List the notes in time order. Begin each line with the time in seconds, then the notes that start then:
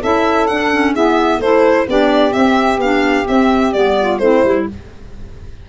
0.00 C#4 E4 A4 E5
0.47 D4 F#5
0.73 C#4
0.93 B3 E4 G#4 E5
1.38 A3 E4 A4 C5
1.87 B3 D4 G4 D5
2.32 C4 E5
2.78 B3 D4 F5
3.25 C4 E5
3.73 G3 B3 D5
3.98 F4
4.19 A3 C4 E4 C5
4.44 G3 E4